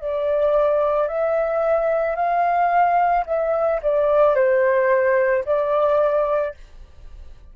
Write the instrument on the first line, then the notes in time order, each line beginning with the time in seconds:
flute
0.00 D5
1.08 E5
2.15 F5
3.26 E5
3.82 D5
4.35 C5
5.45 D5